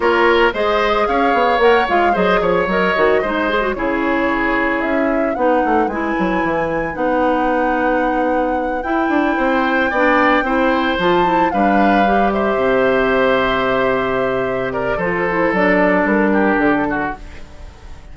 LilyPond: <<
  \new Staff \with { instrumentName = "flute" } { \time 4/4 \tempo 4 = 112 cis''4 dis''4 f''4 fis''8 f''8 | dis''8 cis''8 dis''2 cis''4~ | cis''4 e''4 fis''4 gis''4~ | gis''4 fis''2.~ |
fis''8 g''2.~ g''8~ | g''8 a''4 f''4. e''4~ | e''2.~ e''8 d''8 | c''4 d''4 ais'4 a'4 | }
  \new Staff \with { instrumentName = "oboe" } { \time 4/4 ais'4 c''4 cis''2 | c''8 cis''4. c''4 gis'4~ | gis'2 b'2~ | b'1~ |
b'4. c''4 d''4 c''8~ | c''4. b'4. c''4~ | c''2.~ c''8 ais'8 | a'2~ a'8 g'4 fis'8 | }
  \new Staff \with { instrumentName = "clarinet" } { \time 4/4 f'4 gis'2 ais'8 f'8 | gis'4 ais'8 fis'8 dis'8 gis'16 fis'16 e'4~ | e'2 dis'4 e'4~ | e'4 dis'2.~ |
dis'8 e'2 d'4 e'8~ | e'8 f'8 e'8 d'4 g'4.~ | g'1 | f'8 e'8 d'2. | }
  \new Staff \with { instrumentName = "bassoon" } { \time 4/4 ais4 gis4 cis'8 b8 ais8 gis8 | fis8 f8 fis8 dis8 gis4 cis4~ | cis4 cis'4 b8 a8 gis8 fis8 | e4 b2.~ |
b8 e'8 d'8 c'4 b4 c'8~ | c'8 f4 g2 c8~ | c1 | f4 fis4 g4 d4 | }
>>